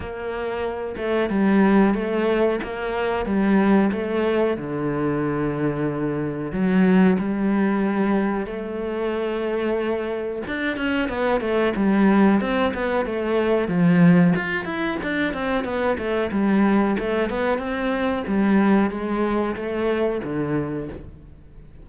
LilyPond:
\new Staff \with { instrumentName = "cello" } { \time 4/4 \tempo 4 = 92 ais4. a8 g4 a4 | ais4 g4 a4 d4~ | d2 fis4 g4~ | g4 a2. |
d'8 cis'8 b8 a8 g4 c'8 b8 | a4 f4 f'8 e'8 d'8 c'8 | b8 a8 g4 a8 b8 c'4 | g4 gis4 a4 d4 | }